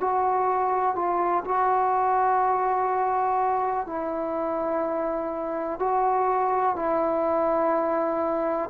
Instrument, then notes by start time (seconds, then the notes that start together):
trombone
0.00 F#4
0.95 F4
1.45 F#4
3.87 E4
5.80 F#4
6.76 E4